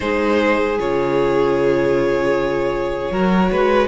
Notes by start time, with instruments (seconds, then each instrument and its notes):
0.00 cello G#3, viola D#4, violin G#4 C5
0.78 cello C#3, viola F4, violin C#5
3.11 cello F#3, viola F#4, violin A#4
3.51 cello G#3, violin B4